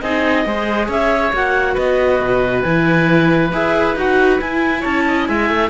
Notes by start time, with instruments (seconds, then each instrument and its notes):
0.00 cello C4, viola D#4, oboe G#4, clarinet D#5
0.45 cello G#3, viola G#4, oboe C5
0.87 cello C#4, oboe C#5, clarinet E5
1.32 cello A#3, viola F#4, clarinet F#5
1.74 cello B3, oboe B4, clarinet D#5
2.20 cello B2
2.62 cello E3, viola E4, clarinet G#5
3.52 cello E4, viola G#4, clarinet E5
3.95 cello D#4, viola F#4, clarinet F#5
4.39 viola E4, cello E4, clarinet G#5
4.80 cello C#4, oboe C#5, clarinet A5
5.07 oboe D#5
5.25 cello G#3, oboe E5, clarinet G#5
5.49 cello A3